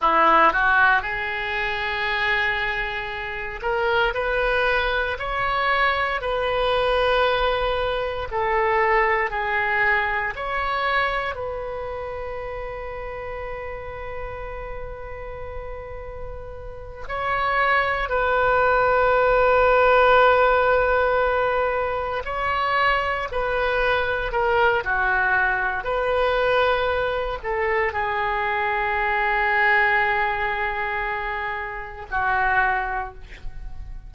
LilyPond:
\new Staff \with { instrumentName = "oboe" } { \time 4/4 \tempo 4 = 58 e'8 fis'8 gis'2~ gis'8 ais'8 | b'4 cis''4 b'2 | a'4 gis'4 cis''4 b'4~ | b'1~ |
b'8 cis''4 b'2~ b'8~ | b'4. cis''4 b'4 ais'8 | fis'4 b'4. a'8 gis'4~ | gis'2. fis'4 | }